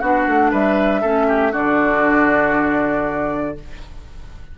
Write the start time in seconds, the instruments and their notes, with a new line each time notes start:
0.00 bassoon B3, clarinet D4, oboe F#4, flute F#5
0.27 bassoon A3
0.51 bassoon G3, oboe B4, flute E5
1.01 bassoon A3, clarinet C#4, oboe A4
1.27 oboe G4
1.52 bassoon D3, clarinet D4, oboe F#4, flute D5